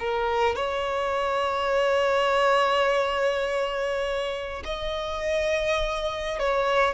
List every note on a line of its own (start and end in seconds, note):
0.00 0.56 A#4
0.56 4.63 C#5
4.65 6.39 D#5
6.39 6.95 C#5